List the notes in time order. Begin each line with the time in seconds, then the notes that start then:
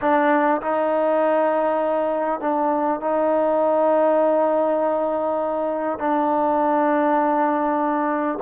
0.01 D4
0.61 D#4
2.40 D4
3.00 D#4
5.98 D4